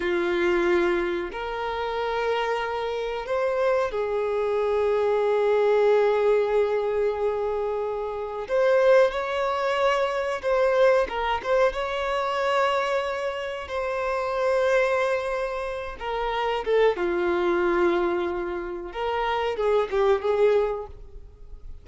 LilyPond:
\new Staff \with { instrumentName = "violin" } { \time 4/4 \tempo 4 = 92 f'2 ais'2~ | ais'4 c''4 gis'2~ | gis'1~ | gis'4 c''4 cis''2 |
c''4 ais'8 c''8 cis''2~ | cis''4 c''2.~ | c''8 ais'4 a'8 f'2~ | f'4 ais'4 gis'8 g'8 gis'4 | }